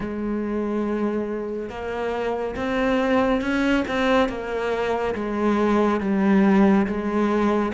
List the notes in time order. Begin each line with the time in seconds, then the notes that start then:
0.00 G#3
1.69 A#3
2.56 C4
3.41 C#4
3.88 C4
4.29 A#3
5.14 G#3
6.00 G3
6.86 G#3